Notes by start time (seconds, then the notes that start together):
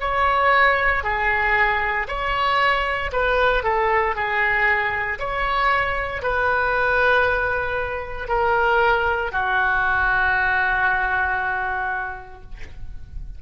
0.00 C#5
1.03 G#4
2.07 C#5
3.12 B4
3.63 A4
4.15 G#4
5.19 C#5
6.22 B4
8.28 A#4
9.32 F#4